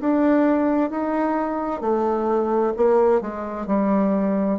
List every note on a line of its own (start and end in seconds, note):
0.00 0.90 D4
0.90 1.80 D#4
1.80 2.73 A3
2.76 3.21 A#3
3.21 3.66 G#3
3.66 4.59 G3